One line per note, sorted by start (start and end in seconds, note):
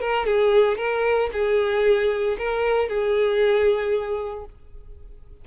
0.00 0.26 A#4
0.26 0.77 G#4
0.77 1.29 A#4
1.32 2.36 G#4
2.38 2.88 A#4
2.88 4.45 G#4